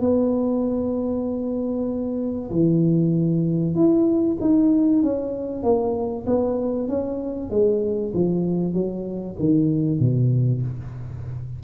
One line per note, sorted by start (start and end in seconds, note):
0.00 2.50 B3
2.50 3.74 E3
3.74 4.37 E4
4.40 5.02 D#4
5.02 5.63 C#4
5.63 6.25 A#3
6.26 6.88 B3
6.88 7.50 C#4
7.50 8.12 G#3
8.13 8.73 F3
8.73 9.36 F#3
9.39 9.99 D#3
9.99 10.62 B2